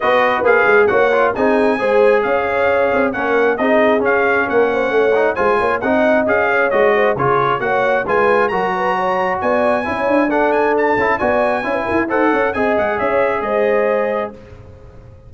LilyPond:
<<
  \new Staff \with { instrumentName = "trumpet" } { \time 4/4 \tempo 4 = 134 dis''4 f''4 fis''4 gis''4~ | gis''4 f''2 fis''4 | dis''4 f''4 fis''2 | gis''4 fis''4 f''4 dis''4 |
cis''4 fis''4 gis''4 ais''4~ | ais''4 gis''2 fis''8 gis''8 | a''4 gis''2 fis''4 | gis''8 fis''8 e''4 dis''2 | }
  \new Staff \with { instrumentName = "horn" } { \time 4/4 b'2 cis''4 gis'4 | c''4 cis''2 ais'4 | gis'2 ais'8 c''8 cis''4 | c''8 cis''8 dis''4. cis''4 c''8 |
gis'4 cis''4 b'4 ais'8 b'8 | cis''4 d''4 cis''4 a'4~ | a'4 d''4 cis''16 b'16 ais'8 c''8 cis''8 | dis''4 cis''4 c''2 | }
  \new Staff \with { instrumentName = "trombone" } { \time 4/4 fis'4 gis'4 fis'8 f'8 dis'4 | gis'2. cis'4 | dis'4 cis'2~ cis'8 dis'8 | f'4 dis'4 gis'4 fis'4 |
f'4 fis'4 f'4 fis'4~ | fis'2 e'4 d'4~ | d'8 e'8 fis'4 e'4 a'4 | gis'1 | }
  \new Staff \with { instrumentName = "tuba" } { \time 4/4 b4 ais8 gis8 ais4 c'4 | gis4 cis'4. c'8 ais4 | c'4 cis'4 ais4 a4 | gis8 ais8 c'4 cis'4 gis4 |
cis4 ais4 gis4 fis4~ | fis4 b4 cis'8 d'4.~ | d'8 cis'8 b4 cis'8 e'8 dis'8 cis'8 | c'8 gis8 cis'4 gis2 | }
>>